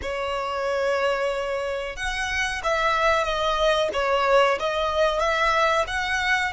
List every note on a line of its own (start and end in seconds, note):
0.01 1.96 C#5
1.96 2.61 F#5
2.63 3.23 E5
3.23 3.89 D#5
3.93 4.58 C#5
4.59 5.19 D#5
5.19 5.84 E5
5.87 6.52 F#5